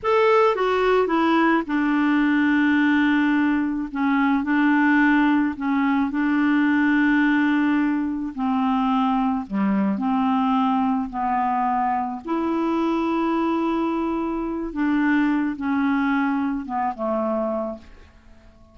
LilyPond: \new Staff \with { instrumentName = "clarinet" } { \time 4/4 \tempo 4 = 108 a'4 fis'4 e'4 d'4~ | d'2. cis'4 | d'2 cis'4 d'4~ | d'2. c'4~ |
c'4 g4 c'2 | b2 e'2~ | e'2~ e'8 d'4. | cis'2 b8 a4. | }